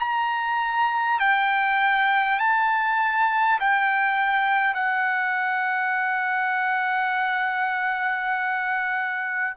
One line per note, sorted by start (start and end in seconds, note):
0.00 1.20 A#5
1.20 2.39 G5
2.39 3.59 A5
3.61 4.75 G5
4.75 9.55 F#5